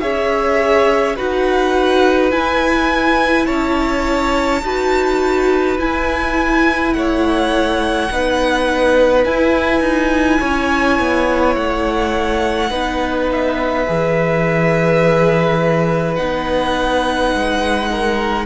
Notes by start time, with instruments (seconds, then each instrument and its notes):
0.00 cello C#4, viola G#4, violin C#5 E5
1.16 cello D#4, viola F#4, violin B4 F#5
2.31 cello E4, viola E4, violin G#5
3.46 cello C#4, violin C#5 A5
4.62 cello D#4, viola F#4, violin B4
5.78 viola E4, cello E4, violin G#5
6.93 cello A3, violin C#5 F#5
8.10 cello B3, viola D#4, violin B4
9.24 cello E4, viola E4, violin G#5
9.81 cello D#4
10.39 cello C#4, violin C#5
10.99 cello B3
11.56 cello A3, violin F#5
12.70 cello B3, viola D#4, violin B4
13.31 violin E5
13.87 cello E3, viola G#4
16.14 cello B3, viola D#4, violin F#5
17.34 cello G#3
17.91 violin A#4